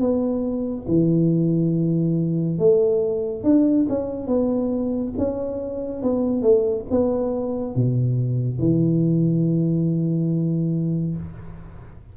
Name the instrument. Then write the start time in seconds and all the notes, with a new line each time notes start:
tuba
0.00 B3
0.88 E3
2.59 A3
3.44 D4
3.89 C#4
4.27 B3
5.18 C#4
6.02 B3
6.42 A3
6.90 B3
7.76 B2
8.59 E3